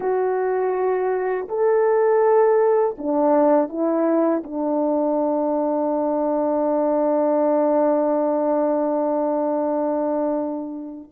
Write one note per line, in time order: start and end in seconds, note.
0.00 1.47 F#4
1.48 2.96 A4
2.98 3.68 D4
3.68 4.42 E4
4.43 11.10 D4